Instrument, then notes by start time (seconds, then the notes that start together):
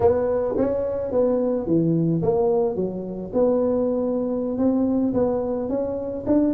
tuba
0.00 B3
0.57 C#4
1.11 B3
1.66 E3
2.22 A#3
2.75 F#3
3.33 B3
4.57 C4
5.13 B3
5.69 C#4
6.26 D4